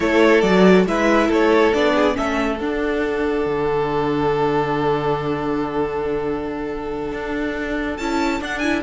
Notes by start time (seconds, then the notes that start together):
0.00 A3 E4 A4 C#5
0.41 F#3 F#4 D5
0.86 G#3 E4 B4 E5
1.27 A3 A4 C#5
1.73 B3 D4 D5
1.94 G#4
2.13 A3 C#4 A4 E5
2.58 D4 F#5
3.45 D3
7.12 D4
7.97 C#4 E4 A5
8.40 D4 F#5
8.58 E4 G#5